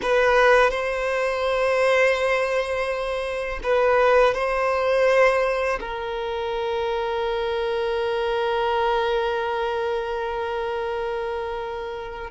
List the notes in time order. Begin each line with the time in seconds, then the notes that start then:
0.02 B4
0.70 C5
3.63 B4
4.34 C5
5.80 A#4